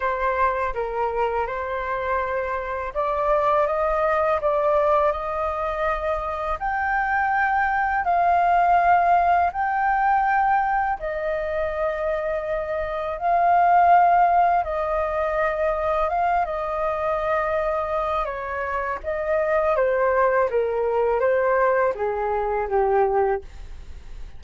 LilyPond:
\new Staff \with { instrumentName = "flute" } { \time 4/4 \tempo 4 = 82 c''4 ais'4 c''2 | d''4 dis''4 d''4 dis''4~ | dis''4 g''2 f''4~ | f''4 g''2 dis''4~ |
dis''2 f''2 | dis''2 f''8 dis''4.~ | dis''4 cis''4 dis''4 c''4 | ais'4 c''4 gis'4 g'4 | }